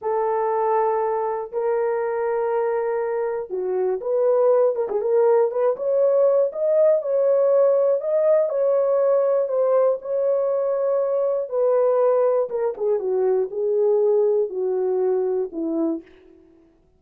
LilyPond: \new Staff \with { instrumentName = "horn" } { \time 4/4 \tempo 4 = 120 a'2. ais'4~ | ais'2. fis'4 | b'4. ais'16 gis'16 ais'4 b'8 cis''8~ | cis''4 dis''4 cis''2 |
dis''4 cis''2 c''4 | cis''2. b'4~ | b'4 ais'8 gis'8 fis'4 gis'4~ | gis'4 fis'2 e'4 | }